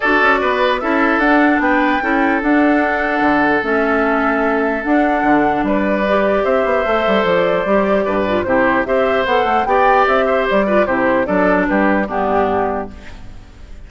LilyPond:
<<
  \new Staff \with { instrumentName = "flute" } { \time 4/4 \tempo 4 = 149 d''2 e''4 fis''4 | g''2 fis''2~ | fis''4 e''2. | fis''2 d''2 |
e''2 d''2~ | d''4 c''4 e''4 fis''4 | g''4 e''4 d''4 c''4 | d''4 b'4 g'2 | }
  \new Staff \with { instrumentName = "oboe" } { \time 4/4 a'4 b'4 a'2 | b'4 a'2.~ | a'1~ | a'2 b'2 |
c''1 | b'4 g'4 c''2 | d''4. c''4 b'8 g'4 | a'4 g'4 d'2 | }
  \new Staff \with { instrumentName = "clarinet" } { \time 4/4 fis'2 e'4 d'4~ | d'4 e'4 d'2~ | d'4 cis'2. | d'2. g'4~ |
g'4 a'2 g'4~ | g'8 f'8 e'4 g'4 a'4 | g'2~ g'8 f'8 e'4 | d'2 b2 | }
  \new Staff \with { instrumentName = "bassoon" } { \time 4/4 d'8 cis'8 b4 cis'4 d'4 | b4 cis'4 d'2 | d4 a2. | d'4 d4 g2 |
c'8 b8 a8 g8 f4 g4 | g,4 c4 c'4 b8 a8 | b4 c'4 g4 c4 | fis4 g4 g,2 | }
>>